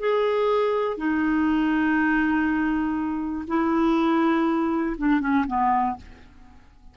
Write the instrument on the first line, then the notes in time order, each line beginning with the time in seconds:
clarinet
0.00 G#4
0.98 D#4
3.48 E4
4.98 D4
5.21 C#4
5.47 B3